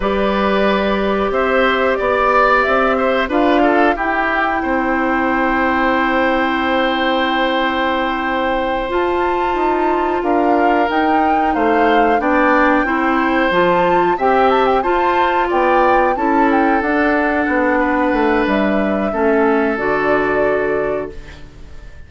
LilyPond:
<<
  \new Staff \with { instrumentName = "flute" } { \time 4/4 \tempo 4 = 91 d''2 e''4 d''4 | e''4 f''4 g''2~ | g''1~ | g''4. a''2 f''8~ |
f''8 g''4 f''4 g''4.~ | g''8 a''4 g''8 a''16 g''16 a''4 g''8~ | g''8 a''8 g''8 fis''2~ fis''8 | e''2 d''2 | }
  \new Staff \with { instrumentName = "oboe" } { \time 4/4 b'2 c''4 d''4~ | d''8 c''8 b'8 a'8 g'4 c''4~ | c''1~ | c''2.~ c''8 ais'8~ |
ais'4. c''4 d''4 c''8~ | c''4. e''4 c''4 d''8~ | d''8 a'2~ a'8 b'4~ | b'4 a'2. | }
  \new Staff \with { instrumentName = "clarinet" } { \time 4/4 g'1~ | g'4 f'4 e'2~ | e'1~ | e'4. f'2~ f'8~ |
f'8 dis'2 d'4 e'8~ | e'8 f'4 g'4 f'4.~ | f'8 e'4 d'2~ d'8~ | d'4 cis'4 fis'2 | }
  \new Staff \with { instrumentName = "bassoon" } { \time 4/4 g2 c'4 b4 | c'4 d'4 e'4 c'4~ | c'1~ | c'4. f'4 dis'4 d'8~ |
d'8 dis'4 a4 b4 c'8~ | c'8 f4 c'4 f'4 b8~ | b8 cis'4 d'4 b4 a8 | g4 a4 d2 | }
>>